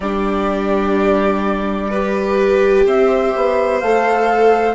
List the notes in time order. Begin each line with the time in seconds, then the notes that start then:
0.00 G3 D4 G4 D5
1.89 G4 B4
2.85 C4 C5 E5
3.35 B3
3.80 A3 A4 F5